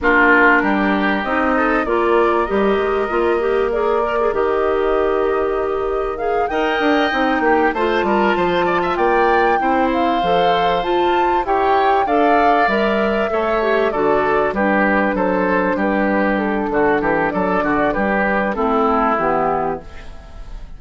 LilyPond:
<<
  \new Staff \with { instrumentName = "flute" } { \time 4/4 \tempo 4 = 97 ais'2 dis''4 d''4 | dis''2 d''4 dis''4~ | dis''2 f''8 g''4.~ | g''8 a''2 g''4. |
f''4. a''4 g''4 f''8~ | f''8 e''2 d''4 b'8~ | b'8 c''4 b'4 a'4. | d''4 b'4 a'4 g'4 | }
  \new Staff \with { instrumentName = "oboe" } { \time 4/4 f'4 g'4. a'8 ais'4~ | ais'1~ | ais'2~ ais'8 dis''4. | g'8 c''8 ais'8 c''8 d''16 e''16 d''4 c''8~ |
c''2~ c''8 cis''4 d''8~ | d''4. cis''4 a'4 g'8~ | g'8 a'4 g'4. fis'8 g'8 | a'8 fis'8 g'4 e'2 | }
  \new Staff \with { instrumentName = "clarinet" } { \time 4/4 d'2 dis'4 f'4 | g'4 f'8 g'8 gis'8 ais'16 gis'16 g'4~ | g'2 gis'8 ais'4 dis'8~ | dis'8 f'2. e'8~ |
e'8 a'4 f'4 g'4 a'8~ | a'8 ais'4 a'8 g'8 fis'4 d'8~ | d'1~ | d'2 c'4 b4 | }
  \new Staff \with { instrumentName = "bassoon" } { \time 4/4 ais4 g4 c'4 ais4 | g8 gis8 ais2 dis4~ | dis2~ dis8 dis'8 d'8 c'8 | ais8 a8 g8 f4 ais4 c'8~ |
c'8 f4 f'4 e'4 d'8~ | d'8 g4 a4 d4 g8~ | g8 fis4 g4. d8 e8 | fis8 d8 g4 a4 e4 | }
>>